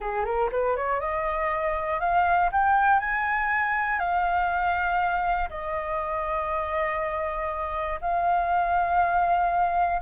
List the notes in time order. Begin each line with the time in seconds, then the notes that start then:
0.00 G#4
0.24 A#4
0.51 B4
0.76 C#5
1.00 D#5
2.00 F5
2.52 G5
2.99 G#5
3.99 F5
5.49 D#5
8.01 F5